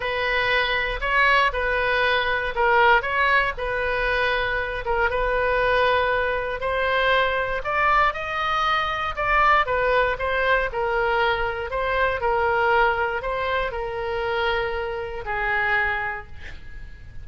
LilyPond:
\new Staff \with { instrumentName = "oboe" } { \time 4/4 \tempo 4 = 118 b'2 cis''4 b'4~ | b'4 ais'4 cis''4 b'4~ | b'4. ais'8 b'2~ | b'4 c''2 d''4 |
dis''2 d''4 b'4 | c''4 ais'2 c''4 | ais'2 c''4 ais'4~ | ais'2 gis'2 | }